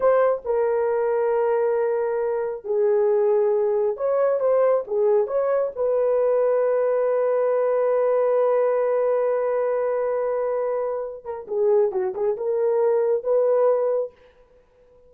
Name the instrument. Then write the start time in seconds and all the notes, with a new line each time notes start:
horn
0.00 C5
0.45 A#4
2.64 G#4
3.96 C#5
4.40 C5
4.87 G#4
5.27 C#5
5.75 B4
11.24 A#4
11.47 G#4
11.91 F#4
12.14 G#4
12.36 A#4
13.23 B4